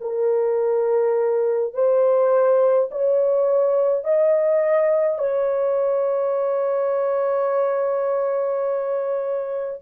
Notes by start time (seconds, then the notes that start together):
0.00 A#4
1.74 C5
2.91 C#5
4.04 D#5
5.18 C#5